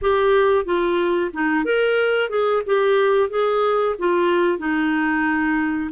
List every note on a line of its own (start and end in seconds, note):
0.01 0.65 G4
0.65 1.31 F4
1.33 1.64 D#4
1.64 2.29 A#4
2.29 2.62 G#4
2.66 3.29 G4
3.29 3.95 G#4
3.98 4.58 F4
4.58 5.90 D#4